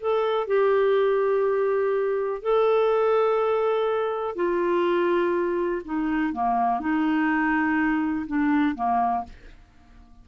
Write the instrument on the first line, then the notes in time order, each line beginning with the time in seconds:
clarinet
0.00 A4
0.47 G4
2.42 A4
4.35 F4
5.85 D#4
6.33 A#3
6.80 D#4
8.27 D4
8.75 A#3